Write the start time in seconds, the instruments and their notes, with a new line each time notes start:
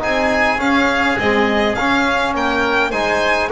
0.00 double bass C4, trombone D#4, oboe G#4, violin G#5
0.59 double bass C#4, trombone C#4, violin F5
1.18 trombone G#3, double bass C4, violin D#5
1.75 double bass C#4, trombone C#4, violin F5
2.34 double bass A#3, oboe A#4, violin G5
2.91 double bass G#3, trombone D#4, oboe C5, violin G#5